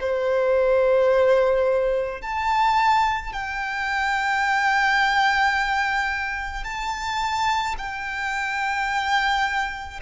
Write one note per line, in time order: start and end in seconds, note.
0.00 2.22 C5
2.22 3.33 A5
3.33 6.64 G5
6.64 7.75 A5
7.78 10.00 G5